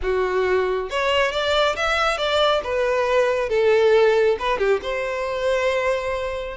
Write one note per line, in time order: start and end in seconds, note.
0.02 0.90 F#4
0.90 1.31 C#5
1.31 1.75 D5
1.76 2.17 E5
2.17 2.61 D5
2.63 3.49 B4
3.49 4.37 A4
4.39 4.58 B4
4.58 4.80 G4
4.82 6.57 C5